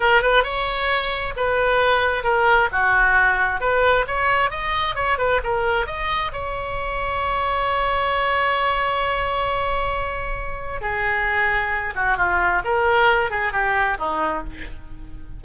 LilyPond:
\new Staff \with { instrumentName = "oboe" } { \time 4/4 \tempo 4 = 133 ais'8 b'8 cis''2 b'4~ | b'4 ais'4 fis'2 | b'4 cis''4 dis''4 cis''8 b'8 | ais'4 dis''4 cis''2~ |
cis''1~ | cis''1 | gis'2~ gis'8 fis'8 f'4 | ais'4. gis'8 g'4 dis'4 | }